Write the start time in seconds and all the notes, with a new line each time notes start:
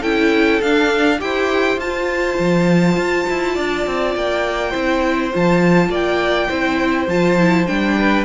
0.00 C#4 E4 A4 G5
0.62 D4 F5
1.19 E4 G4 C5 G5
1.77 F4 A5
1.83 F4
2.39 F3
2.97 F4
3.30 E4
3.55 D4 D5
3.86 C4
4.15 A#3 G5
4.70 C4 E4 C5
5.33 F3 F4 A5
5.89 A#3 D5 G5
6.49 C4 E4 C5
7.07 F3 F4 A5
7.39 E4
7.67 G3 D4 G5
7.98 B4